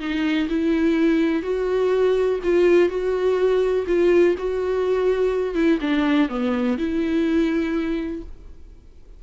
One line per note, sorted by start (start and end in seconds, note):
0.00 0.48 D#4
0.49 1.43 E4
1.43 2.40 F#4
2.44 2.89 F4
2.89 3.86 F#4
3.88 4.36 F4
4.39 5.55 F#4
5.55 5.79 E4
5.81 6.29 D4
6.29 6.78 B3
6.78 8.23 E4